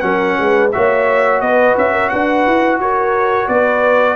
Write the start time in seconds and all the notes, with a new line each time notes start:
0.00 F#3 C#4 A#4 F#5
0.39 G#3 B4
0.71 A#3 F#4 C#5 E5
1.41 B3 B4 D#5
1.77 C#4 E5
1.92 A#4
2.09 D4 B4 F#5
2.47 E4
2.78 F#4 A#4 C#5
3.48 B3 B4 D5